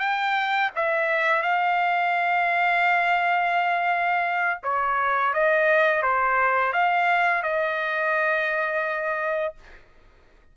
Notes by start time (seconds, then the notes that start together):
0.00 G5
0.76 E5
1.42 F5
4.63 C#5
5.34 D#5
6.03 C5
6.73 F5
7.43 D#5